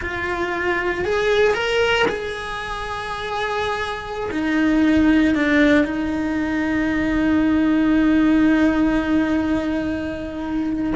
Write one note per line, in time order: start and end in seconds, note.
0.01 1.04 F4
1.04 1.53 G#4
1.53 2.06 A#4
2.08 4.30 G#4
4.31 5.35 D#4
5.35 5.85 D4
5.85 10.93 D#4